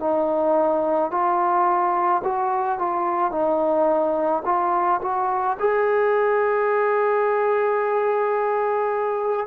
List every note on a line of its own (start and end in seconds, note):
0.00 1.11 D#4
1.12 2.23 F4
2.24 2.79 F#4
2.79 3.32 F4
3.32 4.43 D#4
4.45 5.01 F4
5.02 5.58 F#4
5.60 9.47 G#4